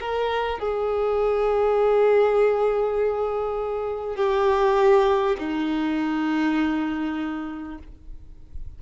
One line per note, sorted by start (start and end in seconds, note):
0.00 0.59 A#4
0.59 4.16 G#4
4.16 5.36 G4
5.38 7.78 D#4